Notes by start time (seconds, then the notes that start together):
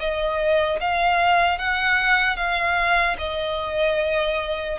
0.00 D#5
0.81 F5
1.59 F#5
2.37 F5
3.19 D#5